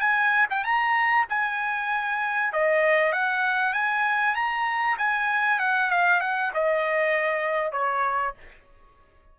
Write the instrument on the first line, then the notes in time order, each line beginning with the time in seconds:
trumpet
0.00 G#5
0.50 G5
0.64 A#5
1.29 G#5
2.53 D#5
3.13 F#5
3.73 G#5
4.36 A#5
4.98 G#5
5.60 F#5
5.90 F5
6.21 F#5
6.54 D#5
7.72 C#5